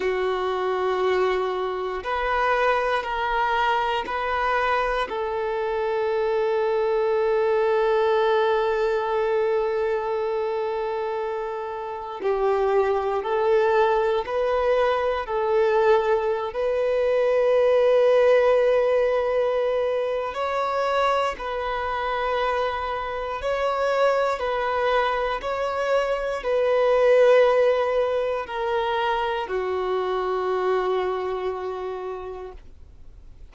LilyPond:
\new Staff \with { instrumentName = "violin" } { \time 4/4 \tempo 4 = 59 fis'2 b'4 ais'4 | b'4 a'2.~ | a'1 | g'4 a'4 b'4 a'4~ |
a'16 b'2.~ b'8. | cis''4 b'2 cis''4 | b'4 cis''4 b'2 | ais'4 fis'2. | }